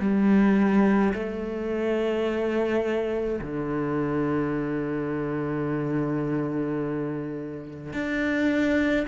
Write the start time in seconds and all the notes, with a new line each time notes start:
0.00 G3
1.14 A3
3.41 D3
7.93 D4